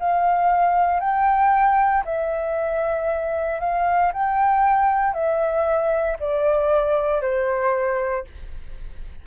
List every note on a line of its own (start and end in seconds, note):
0.00 1.01 F5
1.01 2.04 G5
2.05 3.60 E5
3.61 4.12 F5
4.14 5.14 G5
5.14 6.17 E5
6.20 7.22 D5
7.22 8.25 C5